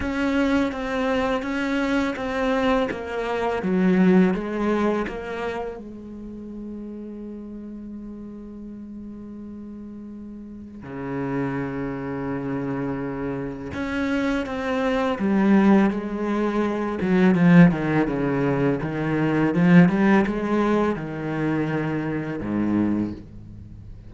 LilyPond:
\new Staff \with { instrumentName = "cello" } { \time 4/4 \tempo 4 = 83 cis'4 c'4 cis'4 c'4 | ais4 fis4 gis4 ais4 | gis1~ | gis2. cis4~ |
cis2. cis'4 | c'4 g4 gis4. fis8 | f8 dis8 cis4 dis4 f8 g8 | gis4 dis2 gis,4 | }